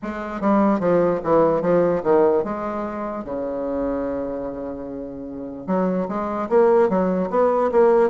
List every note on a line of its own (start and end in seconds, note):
0.02 0.41 G#3
0.41 0.79 G3
0.79 1.20 F3
1.23 1.61 E3
1.61 2.02 F3
2.03 2.43 D#3
2.43 3.24 G#3
3.24 5.66 C#3
5.66 6.07 F#3
6.08 6.49 G#3
6.49 6.89 A#3
6.89 7.29 F#3
7.30 7.70 B3
7.71 8.09 A#3